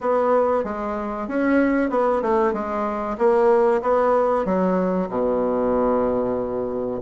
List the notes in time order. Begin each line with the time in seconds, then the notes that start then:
0.01 B3
0.64 G#3
1.28 C#4
1.90 B3
2.21 A3
2.53 G#3
3.17 A#3
3.82 B3
4.45 F#3
5.09 B2